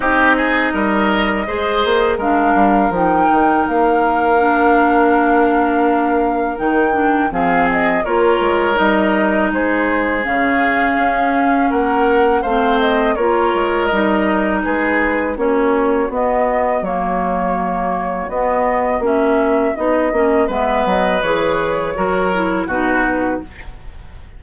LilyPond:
<<
  \new Staff \with { instrumentName = "flute" } { \time 4/4 \tempo 4 = 82 dis''2. f''4 | g''4 f''2.~ | f''4 g''4 f''8 dis''8 cis''4 | dis''4 c''4 f''2 |
fis''4 f''8 dis''8 cis''4 dis''4 | b'4 cis''4 dis''4 cis''4~ | cis''4 dis''4 e''4 dis''4 | e''8 dis''8 cis''2 b'4 | }
  \new Staff \with { instrumentName = "oboe" } { \time 4/4 g'8 gis'8 ais'4 c''4 ais'4~ | ais'1~ | ais'2 gis'4 ais'4~ | ais'4 gis'2. |
ais'4 c''4 ais'2 | gis'4 fis'2.~ | fis'1 | b'2 ais'4 fis'4 | }
  \new Staff \with { instrumentName = "clarinet" } { \time 4/4 dis'2 gis'4 d'4 | dis'2 d'2~ | d'4 dis'8 d'8 c'4 f'4 | dis'2 cis'2~ |
cis'4 c'4 f'4 dis'4~ | dis'4 cis'4 b4 ais4~ | ais4 b4 cis'4 dis'8 cis'8 | b4 gis'4 fis'8 e'8 dis'4 | }
  \new Staff \with { instrumentName = "bassoon" } { \time 4/4 c'4 g4 gis8 ais8 gis8 g8 | f8 dis8 ais2.~ | ais4 dis4 f4 ais8 gis8 | g4 gis4 cis4 cis'4 |
ais4 a4 ais8 gis8 g4 | gis4 ais4 b4 fis4~ | fis4 b4 ais4 b8 ais8 | gis8 fis8 e4 fis4 b,4 | }
>>